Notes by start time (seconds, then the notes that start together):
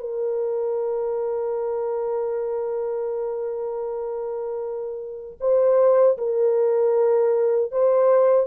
0.00 A#4
5.41 C5
6.18 A#4
7.72 C5